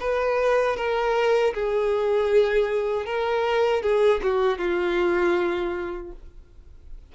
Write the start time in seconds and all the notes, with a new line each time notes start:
0.00 B4
0.77 A#4
1.54 G#4
3.06 A#4
3.83 G#4
4.23 F#4
4.58 F4